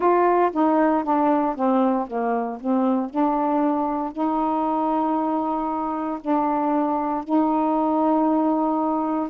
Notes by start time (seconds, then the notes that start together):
0.00 F4
0.52 D#4
1.03 D4
1.55 C4
2.07 A#3
2.60 C4
3.09 D4
4.12 D#4
6.20 D4
7.24 D#4